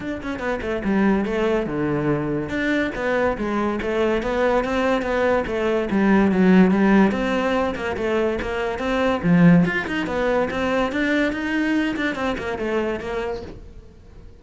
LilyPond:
\new Staff \with { instrumentName = "cello" } { \time 4/4 \tempo 4 = 143 d'8 cis'8 b8 a8 g4 a4 | d2 d'4 b4 | gis4 a4 b4 c'4 | b4 a4 g4 fis4 |
g4 c'4. ais8 a4 | ais4 c'4 f4 f'8 dis'8 | b4 c'4 d'4 dis'4~ | dis'8 d'8 c'8 ais8 a4 ais4 | }